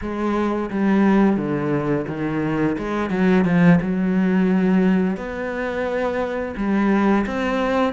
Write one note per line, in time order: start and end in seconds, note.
0.01 0.70 G#3
0.70 1.36 G3
1.36 2.05 D3
2.07 2.76 D#3
2.78 3.10 G#3
3.10 3.44 F#3
3.45 3.79 F3
3.81 5.16 F#3
5.16 6.54 B3
6.56 7.25 G3
7.26 7.93 C4